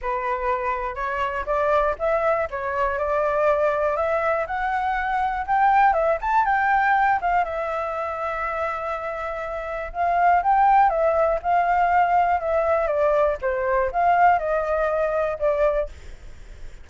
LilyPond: \new Staff \with { instrumentName = "flute" } { \time 4/4 \tempo 4 = 121 b'2 cis''4 d''4 | e''4 cis''4 d''2 | e''4 fis''2 g''4 | e''8 a''8 g''4. f''8 e''4~ |
e''1 | f''4 g''4 e''4 f''4~ | f''4 e''4 d''4 c''4 | f''4 dis''2 d''4 | }